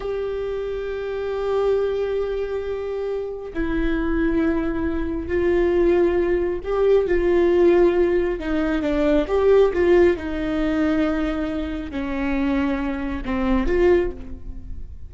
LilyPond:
\new Staff \with { instrumentName = "viola" } { \time 4/4 \tempo 4 = 136 g'1~ | g'1 | e'1 | f'2. g'4 |
f'2. dis'4 | d'4 g'4 f'4 dis'4~ | dis'2. cis'4~ | cis'2 c'4 f'4 | }